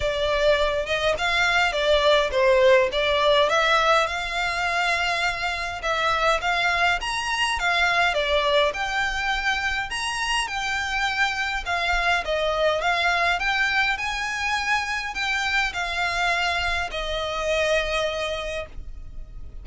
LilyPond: \new Staff \with { instrumentName = "violin" } { \time 4/4 \tempo 4 = 103 d''4. dis''8 f''4 d''4 | c''4 d''4 e''4 f''4~ | f''2 e''4 f''4 | ais''4 f''4 d''4 g''4~ |
g''4 ais''4 g''2 | f''4 dis''4 f''4 g''4 | gis''2 g''4 f''4~ | f''4 dis''2. | }